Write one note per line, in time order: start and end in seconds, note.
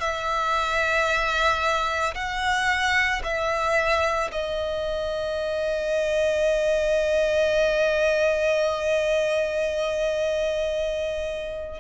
0.00 2.14 E5
2.15 3.22 F#5
3.24 4.31 E5
4.32 11.80 D#5